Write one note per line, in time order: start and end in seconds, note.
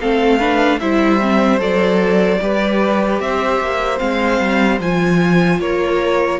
0.00 0.81 A3
0.00 0.39 C4
0.00 0.39 A4
0.00 0.79 F5
0.39 0.79 D4
0.39 0.79 B4
0.79 1.59 G3
0.79 1.20 E4
0.79 2.40 C5
0.79 1.59 E5
1.20 1.58 C4
1.58 2.39 F#3
1.58 2.38 A4
1.58 3.20 D5
2.41 3.19 G3
2.41 3.98 G4
2.41 3.22 B4
3.19 3.59 C4
3.19 5.60 C5
3.19 3.98 E5
3.60 4.00 A#3
3.98 4.40 G#3
3.98 4.78 C4
3.98 4.78 F5
4.40 4.79 G3
4.79 5.59 F3
4.79 6.39 F4
4.79 5.60 G#5
5.59 6.39 A#3
5.59 6.39 A#4
5.59 6.39 C#5